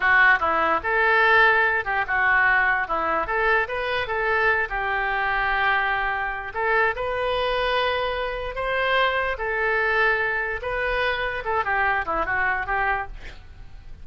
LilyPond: \new Staff \with { instrumentName = "oboe" } { \time 4/4 \tempo 4 = 147 fis'4 e'4 a'2~ | a'8 g'8 fis'2 e'4 | a'4 b'4 a'4. g'8~ | g'1 |
a'4 b'2.~ | b'4 c''2 a'4~ | a'2 b'2 | a'8 g'4 e'8 fis'4 g'4 | }